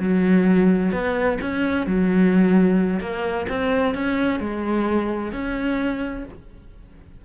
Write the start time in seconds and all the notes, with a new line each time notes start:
0.00 F#3
0.92 B3
1.41 C#4
1.87 F#3
3.00 A#3
3.48 C4
3.95 C#4
4.40 G#3
5.32 C#4